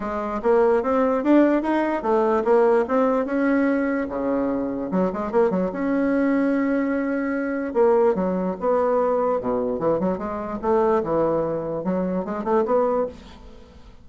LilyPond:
\new Staff \with { instrumentName = "bassoon" } { \time 4/4 \tempo 4 = 147 gis4 ais4 c'4 d'4 | dis'4 a4 ais4 c'4 | cis'2 cis2 | fis8 gis8 ais8 fis8 cis'2~ |
cis'2. ais4 | fis4 b2 b,4 | e8 fis8 gis4 a4 e4~ | e4 fis4 gis8 a8 b4 | }